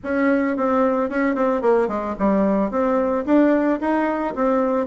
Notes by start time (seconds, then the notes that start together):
0.03 C#4
0.57 C4
1.09 C#4
1.35 C4
1.61 A#3
1.88 G#3
2.18 G3
2.70 C4
3.25 D4
3.80 D#4
4.35 C4